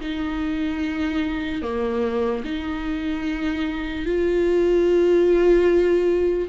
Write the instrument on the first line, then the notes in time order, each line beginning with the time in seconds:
viola
0.00 D#4
1.62 A#3
2.44 D#4
4.05 F4